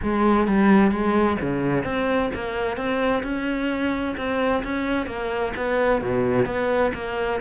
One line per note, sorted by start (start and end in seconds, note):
0.02 0.47 G#3
0.47 0.91 G3
0.91 1.37 G#3
1.41 1.84 C#3
1.84 2.30 C4
2.34 2.76 A#3
2.76 3.22 C4
3.23 4.15 C#4
4.17 4.63 C4
4.63 5.06 C#4
5.06 5.52 A#3
5.56 6.01 B3
6.01 6.45 B2
6.45 6.91 B3
6.94 7.40 A#3